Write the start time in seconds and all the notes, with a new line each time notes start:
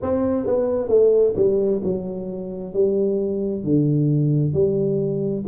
0.02 C4
0.46 B3
0.88 A3
1.36 G3
1.83 F#3
2.73 G3
3.64 D3
4.53 G3